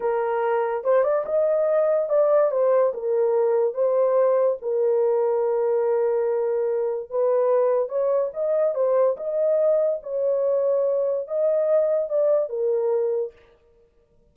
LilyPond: \new Staff \with { instrumentName = "horn" } { \time 4/4 \tempo 4 = 144 ais'2 c''8 d''8 dis''4~ | dis''4 d''4 c''4 ais'4~ | ais'4 c''2 ais'4~ | ais'1~ |
ais'4 b'2 cis''4 | dis''4 c''4 dis''2 | cis''2. dis''4~ | dis''4 d''4 ais'2 | }